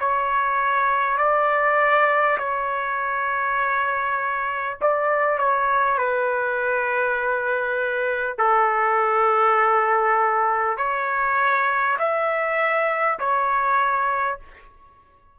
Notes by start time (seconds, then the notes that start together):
0.00 C#5
1.18 D5
2.38 C#5
4.82 D5
5.39 C#5
5.98 B4
8.39 A4
10.78 C#5
11.99 E5
13.19 C#5